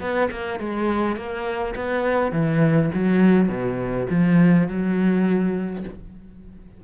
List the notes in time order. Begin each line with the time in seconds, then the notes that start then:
0.00 B3
0.31 A#3
0.59 G#3
1.16 A#3
1.76 B3
2.32 E3
2.94 F#3
3.48 B2
4.10 F3
4.68 F#3